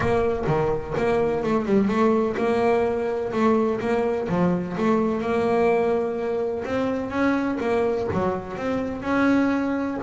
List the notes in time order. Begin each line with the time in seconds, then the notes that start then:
0.00 A#3
0.46 D#3
0.97 A#3
1.43 A3
1.65 G3
1.88 A3
2.36 A#3
3.32 A3
3.80 A#3
4.28 F3
4.77 A3
5.21 A#3
6.64 C4
7.10 C#4
7.60 A#3
8.13 F#3
8.56 C4
9.02 C#4